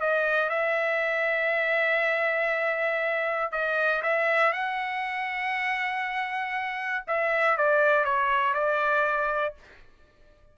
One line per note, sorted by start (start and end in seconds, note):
0.00 0.49 D#5
0.49 3.52 E5
3.52 4.02 D#5
4.02 4.52 E5
4.52 7.04 F#5
7.07 7.57 E5
7.57 8.04 D5
8.04 8.53 C#5
8.53 9.54 D5